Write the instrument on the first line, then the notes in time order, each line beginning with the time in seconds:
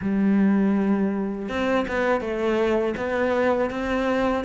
cello
0.01 G3
1.48 C4
1.88 B3
2.21 A3
2.96 B3
3.70 C4